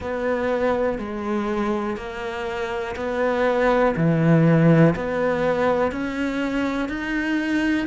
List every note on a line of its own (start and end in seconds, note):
0.00 0.98 B3
0.98 1.96 G#3
1.96 2.95 A#3
2.96 3.94 B3
3.96 4.94 E3
4.95 5.91 B3
5.91 6.89 C#4
6.89 7.87 D#4